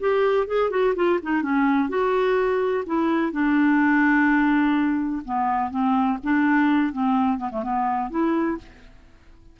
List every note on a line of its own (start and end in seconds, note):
0.00 0.47 G4
0.47 0.71 G#4
0.71 0.94 F#4
0.96 1.20 F4
1.23 1.43 D#4
1.43 1.89 C#4
1.89 2.85 F#4
2.87 3.32 E4
3.32 5.23 D4
5.25 5.71 B3
5.71 6.19 C4
6.24 6.93 D4
6.93 7.38 C4
7.38 7.50 B3
7.51 7.63 A3
7.63 8.11 B3
8.11 8.58 E4